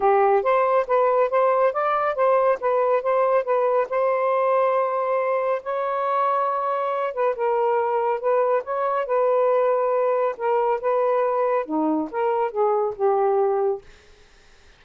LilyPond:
\new Staff \with { instrumentName = "saxophone" } { \time 4/4 \tempo 4 = 139 g'4 c''4 b'4 c''4 | d''4 c''4 b'4 c''4 | b'4 c''2.~ | c''4 cis''2.~ |
cis''8 b'8 ais'2 b'4 | cis''4 b'2. | ais'4 b'2 dis'4 | ais'4 gis'4 g'2 | }